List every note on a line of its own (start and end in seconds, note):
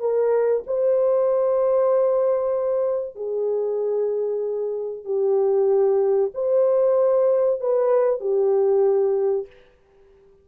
0.00 0.63 A#4
0.67 3.16 C5
3.16 5.05 G#4
5.05 6.31 G4
6.34 7.61 C5
7.61 8.21 B4
8.21 9.47 G4